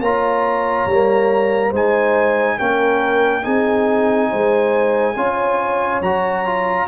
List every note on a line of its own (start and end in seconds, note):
0.00 0.86 A#3
0.00 0.90 F4
0.00 1.70 C#5
0.00 1.72 A#5
0.86 1.72 G3
0.86 1.74 A#3
1.70 2.57 G#3
1.70 2.59 D#4
1.70 2.55 C5
1.76 2.59 G#5
2.58 3.46 A#3
2.58 3.43 C#4
2.58 3.44 A#4
2.58 3.44 G5
3.43 4.32 C4
3.43 5.15 D#4
3.43 4.30 G#4
3.43 6.01 G#5
4.30 5.16 G#3
4.30 5.16 C5
5.16 6.01 C#4
5.16 6.02 F4
5.16 6.87 C#5
6.01 6.87 F#3
6.01 6.46 F#4
6.01 6.87 A#5
6.46 6.87 F4